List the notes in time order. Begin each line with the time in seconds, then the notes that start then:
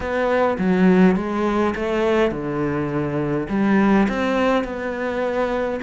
0.00 B3
0.58 F#3
1.16 G#3
1.75 A3
2.31 D3
3.49 G3
4.08 C4
4.63 B3